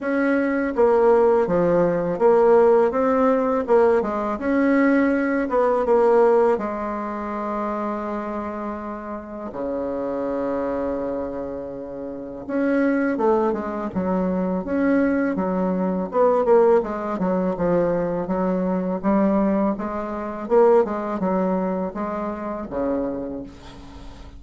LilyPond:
\new Staff \with { instrumentName = "bassoon" } { \time 4/4 \tempo 4 = 82 cis'4 ais4 f4 ais4 | c'4 ais8 gis8 cis'4. b8 | ais4 gis2.~ | gis4 cis2.~ |
cis4 cis'4 a8 gis8 fis4 | cis'4 fis4 b8 ais8 gis8 fis8 | f4 fis4 g4 gis4 | ais8 gis8 fis4 gis4 cis4 | }